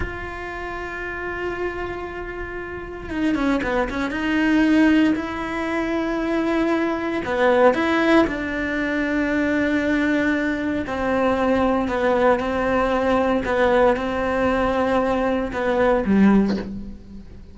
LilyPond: \new Staff \with { instrumentName = "cello" } { \time 4/4 \tempo 4 = 116 f'1~ | f'2 dis'8 cis'8 b8 cis'8 | dis'2 e'2~ | e'2 b4 e'4 |
d'1~ | d'4 c'2 b4 | c'2 b4 c'4~ | c'2 b4 g4 | }